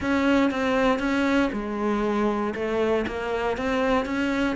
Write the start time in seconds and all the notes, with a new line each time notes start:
0.00 C#4
0.50 C4
0.99 C#4
1.52 G#3
2.54 A3
3.07 A#3
3.57 C4
4.05 C#4